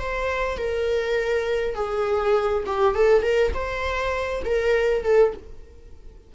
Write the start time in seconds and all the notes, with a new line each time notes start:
0.00 C5
0.58 A#4
1.75 G#4
2.66 G4
2.95 A4
3.23 A#4
3.54 C5
4.45 A#4
5.04 A4